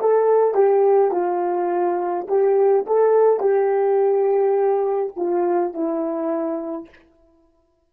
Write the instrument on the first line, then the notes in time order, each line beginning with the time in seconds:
horn
0.00 A4
0.54 G4
1.12 F4
2.28 G4
2.86 A4
3.40 G4
5.17 F4
5.74 E4